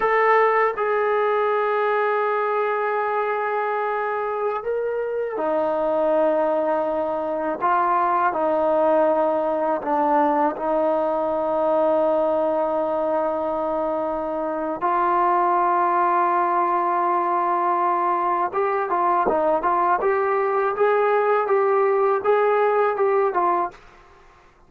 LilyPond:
\new Staff \with { instrumentName = "trombone" } { \time 4/4 \tempo 4 = 81 a'4 gis'2.~ | gis'2~ gis'16 ais'4 dis'8.~ | dis'2~ dis'16 f'4 dis'8.~ | dis'4~ dis'16 d'4 dis'4.~ dis'16~ |
dis'1 | f'1~ | f'4 g'8 f'8 dis'8 f'8 g'4 | gis'4 g'4 gis'4 g'8 f'8 | }